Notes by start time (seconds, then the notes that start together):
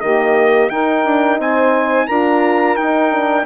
0.00 D#3 A#3 G4 D#5
0.69 D#4 A#4 G5
1.05 D4
1.39 C4 C5 G#5
2.06 D4 F4 A#4 A#5
2.76 D#4 G5
3.11 D4